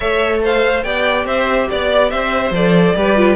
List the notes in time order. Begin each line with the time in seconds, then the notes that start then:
0.00 A3 A4 C#5 E5
0.43 C5 F5
0.83 B3 G4 D5 G5
1.25 C4 C5 E5
1.70 B3 D5
2.10 C4 C5 E5
2.50 F3 A4 D5
2.95 G3 G4 B4
3.15 F4